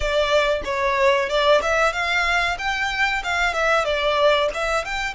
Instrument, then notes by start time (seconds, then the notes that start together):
violin
0.00 D5
0.64 C#5
1.29 D5
1.62 E5
1.92 F5
2.58 G5
3.23 F5
3.53 E5
3.84 D5
4.54 E5
4.84 G5